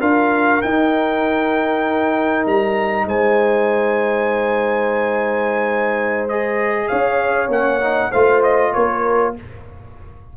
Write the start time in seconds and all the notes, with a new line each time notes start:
0.00 D4 F4 A#4 F5
0.62 D#4 G5
2.46 G3 A#5
3.06 G#3 C5 G#5
6.29 G#4 D#5
6.88 C#4 C#5 F5
7.48 A#3 C#4 F#5
7.81 D#4
8.11 A3 F4 C5 F5
8.43 D#5
8.73 A#3 A#4 C#5